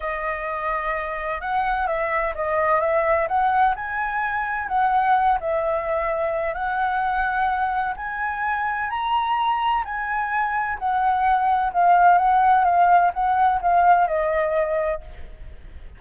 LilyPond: \new Staff \with { instrumentName = "flute" } { \time 4/4 \tempo 4 = 128 dis''2. fis''4 | e''4 dis''4 e''4 fis''4 | gis''2 fis''4. e''8~ | e''2 fis''2~ |
fis''4 gis''2 ais''4~ | ais''4 gis''2 fis''4~ | fis''4 f''4 fis''4 f''4 | fis''4 f''4 dis''2 | }